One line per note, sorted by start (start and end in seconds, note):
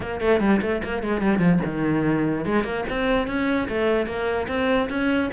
0.00 0.20 A#3
0.20 0.40 A3
0.40 0.60 G3
0.61 0.82 A3
0.83 1.03 A#3
1.03 1.21 G#3
1.21 1.39 G3
1.39 1.59 F3
1.65 2.45 D#3
2.45 2.63 G#3
2.63 2.84 A#3
2.89 3.27 C4
3.27 3.68 C#4
3.68 4.06 A3
4.06 4.47 A#3
4.47 4.88 C4
4.89 5.30 C#4